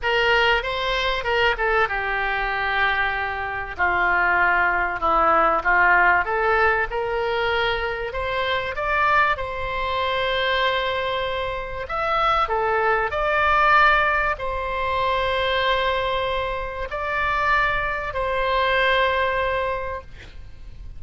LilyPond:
\new Staff \with { instrumentName = "oboe" } { \time 4/4 \tempo 4 = 96 ais'4 c''4 ais'8 a'8 g'4~ | g'2 f'2 | e'4 f'4 a'4 ais'4~ | ais'4 c''4 d''4 c''4~ |
c''2. e''4 | a'4 d''2 c''4~ | c''2. d''4~ | d''4 c''2. | }